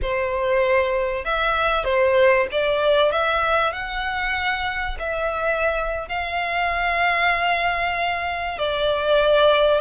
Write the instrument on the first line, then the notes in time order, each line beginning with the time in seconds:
violin
0.01 C5
1.24 E5
1.84 C5
2.51 D5
3.12 E5
3.72 F#5
4.99 E5
6.08 F5
8.58 D5